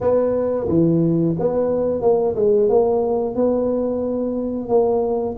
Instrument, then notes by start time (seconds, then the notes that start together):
tuba
0.00 B3
0.68 E3
1.39 B3
2.01 A#3
2.35 G#3
2.69 A#3
3.35 B3
4.68 A#3